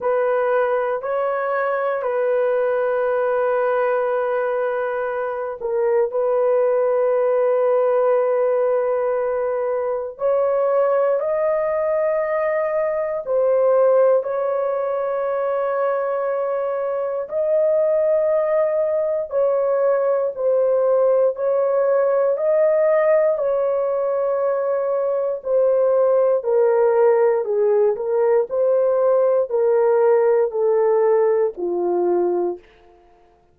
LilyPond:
\new Staff \with { instrumentName = "horn" } { \time 4/4 \tempo 4 = 59 b'4 cis''4 b'2~ | b'4. ais'8 b'2~ | b'2 cis''4 dis''4~ | dis''4 c''4 cis''2~ |
cis''4 dis''2 cis''4 | c''4 cis''4 dis''4 cis''4~ | cis''4 c''4 ais'4 gis'8 ais'8 | c''4 ais'4 a'4 f'4 | }